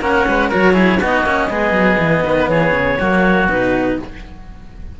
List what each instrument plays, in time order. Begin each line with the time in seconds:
0.00 cello A#3 C#4, oboe A#4, clarinet F#5
0.27 cello G#3, oboe B4
0.48 cello F#4, oboe A#4, clarinet C#5
0.54 cello F#3
0.73 cello E4, oboe G#4
0.99 cello B3 D#4, oboe F#4, clarinet D#5
1.22 cello A#3 C#4
1.50 cello G#3 B3, oboe G#4
1.72 cello F#3
1.98 cello E3
2.25 cello D#3, oboe B4
2.48 cello E3, oboe G#4, clarinet C#5
2.71 cello C#3
2.99 cello F#3 A#3, oboe F#4
3.48 cello B2 D#4, clarinet B4